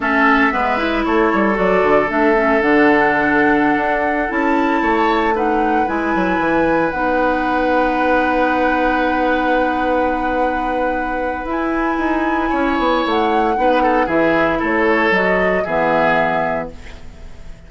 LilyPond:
<<
  \new Staff \with { instrumentName = "flute" } { \time 4/4 \tempo 4 = 115 e''2 cis''4 d''4 | e''4 fis''2.~ | fis''16 a''2 fis''4 gis''8.~ | gis''4~ gis''16 fis''2~ fis''8.~ |
fis''1~ | fis''2 gis''2~ | gis''4 fis''2 e''4 | cis''4 dis''4 e''2 | }
  \new Staff \with { instrumentName = "oboe" } { \time 4/4 a'4 b'4 a'2~ | a'1~ | a'4~ a'16 cis''4 b'4.~ b'16~ | b'1~ |
b'1~ | b'1 | cis''2 b'8 a'8 gis'4 | a'2 gis'2 | }
  \new Staff \with { instrumentName = "clarinet" } { \time 4/4 cis'4 b8 e'4. fis'4 | d'8 cis'8 d'2.~ | d'16 e'2 dis'4 e'8.~ | e'4~ e'16 dis'2~ dis'8.~ |
dis'1~ | dis'2 e'2~ | e'2 dis'4 e'4~ | e'4 fis'4 b2 | }
  \new Staff \with { instrumentName = "bassoon" } { \time 4/4 a4 gis4 a8 g8 fis8 d8 | a4 d2~ d16 d'8.~ | d'16 cis'4 a2 gis8 fis16~ | fis16 e4 b2~ b8.~ |
b1~ | b2 e'4 dis'4 | cis'8 b8 a4 b4 e4 | a4 fis4 e2 | }
>>